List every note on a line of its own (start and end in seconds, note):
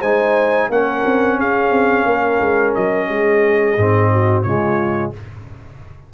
0.00 0.69 G#3
0.00 0.71 D#4
0.00 0.68 C5
0.00 0.70 G#5
0.69 1.04 A#3
0.69 3.78 C#4
0.69 1.38 A#4
0.69 1.40 F#5
1.06 1.39 C4
1.38 1.71 C#4
1.38 2.06 G#4
1.38 2.75 F5
1.71 2.05 C4
2.06 2.40 A#3
2.06 3.08 A#4
2.40 2.75 G#3
2.75 3.09 F#3
2.75 4.42 D#5
3.09 3.77 G#3
3.09 4.12 G#4
3.77 4.45 G#2
3.77 4.45 C4
4.12 4.45 F#4
4.42 5.13 C#3
4.42 5.14 G#3
4.42 5.13 F4
4.42 5.11 C#5